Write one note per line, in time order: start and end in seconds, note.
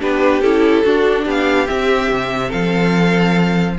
0.00 0.41 B3
0.00 0.42 D4
0.00 0.84 G4
0.00 0.42 B4
0.41 0.83 C#4
0.41 0.85 E4
0.41 1.26 A4
0.84 1.67 D4
0.84 1.26 D4
0.84 1.25 F#4
1.25 1.68 B3
1.25 2.48 G4
1.25 1.67 F5
1.67 3.76 C4
1.67 2.11 C4
1.67 2.51 E5
2.11 2.53 C3
2.48 3.78 F3
2.48 3.74 A4
2.48 3.77 F5